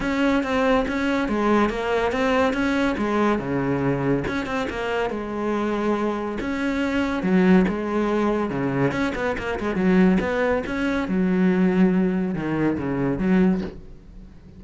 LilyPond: \new Staff \with { instrumentName = "cello" } { \time 4/4 \tempo 4 = 141 cis'4 c'4 cis'4 gis4 | ais4 c'4 cis'4 gis4 | cis2 cis'8 c'8 ais4 | gis2. cis'4~ |
cis'4 fis4 gis2 | cis4 cis'8 b8 ais8 gis8 fis4 | b4 cis'4 fis2~ | fis4 dis4 cis4 fis4 | }